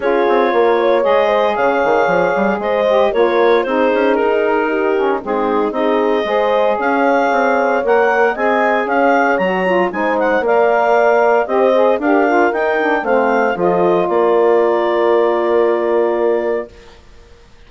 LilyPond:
<<
  \new Staff \with { instrumentName = "clarinet" } { \time 4/4 \tempo 4 = 115 cis''2 dis''4 f''4~ | f''4 dis''4 cis''4 c''4 | ais'2 gis'4 dis''4~ | dis''4 f''2 fis''4 |
gis''4 f''4 ais''4 gis''8 fis''8 | f''2 dis''4 f''4 | g''4 f''4 dis''4 d''4~ | d''1 | }
  \new Staff \with { instrumentName = "horn" } { \time 4/4 gis'4 ais'8 cis''4 c''8 cis''4~ | cis''4 c''4 ais'4 gis'4~ | gis'4 g'4 dis'4 gis'4 | c''4 cis''2. |
dis''4 cis''2 c''4 | d''2 c''4 ais'4~ | ais'4 c''4 a'4 ais'4~ | ais'1 | }
  \new Staff \with { instrumentName = "saxophone" } { \time 4/4 f'2 gis'2~ | gis'4. g'8 f'4 dis'4~ | dis'4. cis'8 c'4 dis'4 | gis'2. ais'4 |
gis'2 fis'8 f'8 dis'4 | ais'2 g'8 gis'8 g'8 f'8 | dis'8 d'8 c'4 f'2~ | f'1 | }
  \new Staff \with { instrumentName = "bassoon" } { \time 4/4 cis'8 c'8 ais4 gis4 cis8 dis8 | f8 g8 gis4 ais4 c'8 cis'8 | dis'2 gis4 c'4 | gis4 cis'4 c'4 ais4 |
c'4 cis'4 fis4 gis4 | ais2 c'4 d'4 | dis'4 a4 f4 ais4~ | ais1 | }
>>